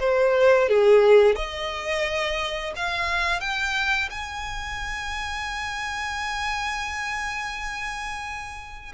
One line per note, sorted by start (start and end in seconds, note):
0.00 0.69 C5
0.69 1.36 G#4
1.36 2.74 D#5
2.76 3.41 F5
3.41 4.10 G5
4.10 8.93 G#5